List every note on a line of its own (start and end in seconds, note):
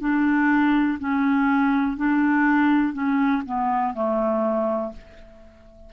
0.00 0.98 D4
0.99 1.97 C#4
1.97 2.93 D4
2.93 3.42 C#4
3.45 3.94 B3
3.94 4.92 A3